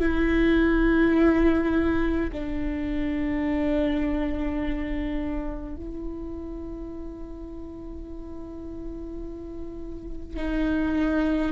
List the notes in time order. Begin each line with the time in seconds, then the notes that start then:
0.00 E4
2.32 D4
5.76 E4
10.37 D#4